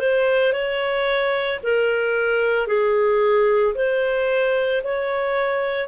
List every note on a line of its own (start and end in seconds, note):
0.00 0.53 C5
0.53 1.60 C#5
1.64 2.68 A#4
2.68 3.75 G#4
3.75 4.83 C5
4.84 5.88 C#5